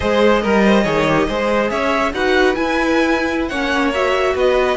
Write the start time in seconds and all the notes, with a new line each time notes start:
0.00 G#3 G#4 C5 D#5
0.42 G3 A#4
0.65 C5
0.83 D#3 G#4 C#5
1.08 G4
1.28 G#3 G#4 C5
1.70 C#4 C#5 E5
2.13 D#4 F#4 B4 F#5
2.55 E4 G#5
3.48 A#3 C#4 C#5 F#5
3.94 F#4 E5
4.35 B3 B4 D#5